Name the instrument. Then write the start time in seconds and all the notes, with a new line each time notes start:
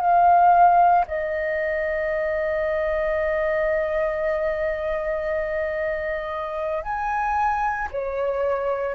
flute
0.00 F5
1.08 D#5
6.83 G#5
7.91 C#5